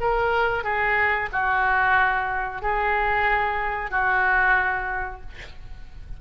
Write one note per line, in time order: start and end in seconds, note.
0.00 0.63 A#4
0.63 1.29 G#4
1.32 2.61 F#4
2.61 3.90 G#4
3.90 5.21 F#4